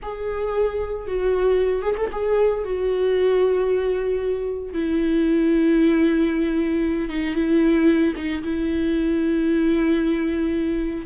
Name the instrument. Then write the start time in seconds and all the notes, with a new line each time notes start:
viola
0.02 G#4
1.07 F#4
1.82 G#4
1.97 A4
2.12 G#4
2.64 F#4
4.73 E4
7.09 D#4
7.34 E4
8.16 D#4
8.43 E4